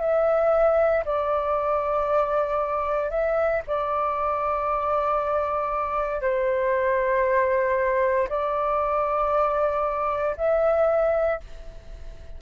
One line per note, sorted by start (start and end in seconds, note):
0.00 1.03 E5
1.04 3.09 D5
3.09 3.61 E5
3.67 6.21 D5
6.21 8.28 C5
8.29 10.36 D5
10.36 11.40 E5